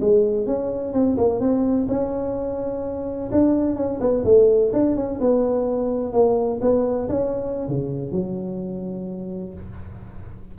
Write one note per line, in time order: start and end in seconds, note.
0.00 0.46 G#3
0.46 0.93 C#4
0.93 1.16 C4
1.17 1.40 A#3
1.40 1.87 C4
1.88 3.30 C#4
3.31 3.76 D4
3.76 3.99 C#4
4.00 4.23 B3
4.24 4.71 A3
4.72 4.96 D4
4.96 5.19 C#4
5.20 6.12 B3
6.12 6.59 A#3
6.61 7.08 B3
7.09 7.68 C#4
7.68 8.11 C#3
8.11 9.53 F#3